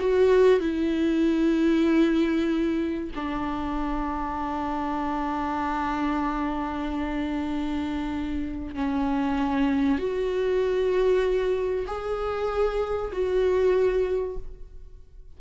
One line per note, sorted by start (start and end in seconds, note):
0.00 0.61 F#4
0.61 3.11 E4
3.16 8.76 D4
8.76 9.99 C#4
9.99 11.86 F#4
11.87 13.12 G#4
13.13 14.38 F#4